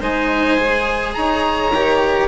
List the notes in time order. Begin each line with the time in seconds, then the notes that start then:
0.00 G#3 D#4 C5 G#5
0.57 G#4
1.14 D#4 C#5 A#5
1.73 D#3 G4